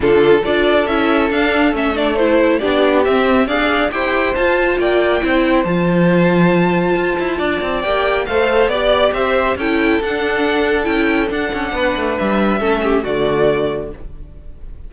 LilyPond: <<
  \new Staff \with { instrumentName = "violin" } { \time 4/4 \tempo 4 = 138 a'4 d''4 e''4 f''4 | e''8 d''8 c''4 d''4 e''4 | f''4 g''4 a''4 g''4~ | g''4 a''2.~ |
a''2 g''4 f''4 | d''4 e''4 g''4 fis''4~ | fis''4 g''4 fis''2 | e''2 d''2 | }
  \new Staff \with { instrumentName = "violin" } { \time 4/4 f'4 a'2.~ | a'2 g'2 | d''4 c''2 d''4 | c''1~ |
c''4 d''2 c''4 | d''4 c''4 a'2~ | a'2. b'4~ | b'4 a'8 g'8 fis'2 | }
  \new Staff \with { instrumentName = "viola" } { \time 4/4 d'4 f'4 e'4 d'4 | cis'8 d'8 e'4 d'4 c'4 | gis'4 g'4 f'2 | e'4 f'2.~ |
f'2 g'4 a'4 | g'2 e'4 d'4~ | d'4 e'4 d'2~ | d'4 cis'4 a2 | }
  \new Staff \with { instrumentName = "cello" } { \time 4/4 d4 d'4 cis'4 d'4 | a2 b4 c'4 | d'4 e'4 f'4 ais4 | c'4 f2. |
f'8 e'8 d'8 c'8 ais4 a4 | b4 c'4 cis'4 d'4~ | d'4 cis'4 d'8 cis'8 b8 a8 | g4 a4 d2 | }
>>